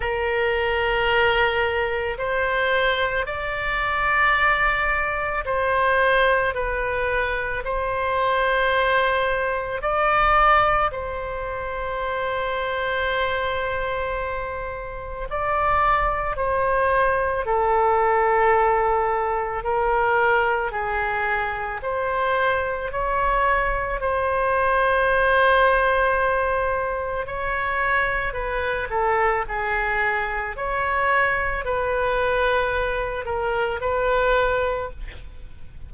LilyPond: \new Staff \with { instrumentName = "oboe" } { \time 4/4 \tempo 4 = 55 ais'2 c''4 d''4~ | d''4 c''4 b'4 c''4~ | c''4 d''4 c''2~ | c''2 d''4 c''4 |
a'2 ais'4 gis'4 | c''4 cis''4 c''2~ | c''4 cis''4 b'8 a'8 gis'4 | cis''4 b'4. ais'8 b'4 | }